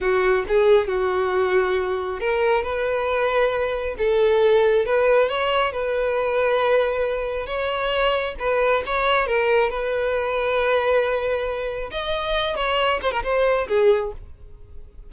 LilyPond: \new Staff \with { instrumentName = "violin" } { \time 4/4 \tempo 4 = 136 fis'4 gis'4 fis'2~ | fis'4 ais'4 b'2~ | b'4 a'2 b'4 | cis''4 b'2.~ |
b'4 cis''2 b'4 | cis''4 ais'4 b'2~ | b'2. dis''4~ | dis''8 cis''4 c''16 ais'16 c''4 gis'4 | }